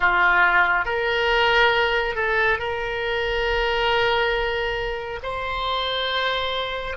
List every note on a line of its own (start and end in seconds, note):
0.00 0.85 F4
0.85 2.15 A#4
2.15 2.58 A4
2.58 5.19 A#4
5.23 6.96 C5